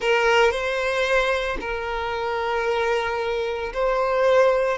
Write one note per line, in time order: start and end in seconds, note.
0.00 0.51 A#4
0.51 1.57 C5
1.60 3.72 A#4
3.73 4.77 C5